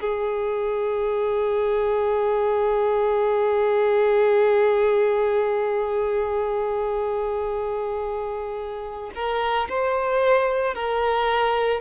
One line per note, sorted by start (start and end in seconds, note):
0.00 9.11 G#4
9.15 9.68 A#4
9.69 10.74 C5
10.74 11.81 A#4